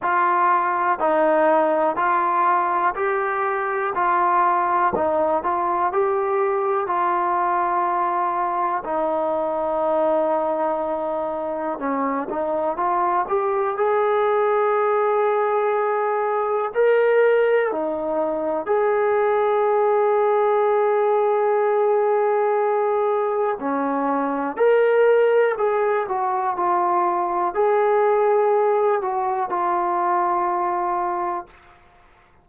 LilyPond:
\new Staff \with { instrumentName = "trombone" } { \time 4/4 \tempo 4 = 61 f'4 dis'4 f'4 g'4 | f'4 dis'8 f'8 g'4 f'4~ | f'4 dis'2. | cis'8 dis'8 f'8 g'8 gis'2~ |
gis'4 ais'4 dis'4 gis'4~ | gis'1 | cis'4 ais'4 gis'8 fis'8 f'4 | gis'4. fis'8 f'2 | }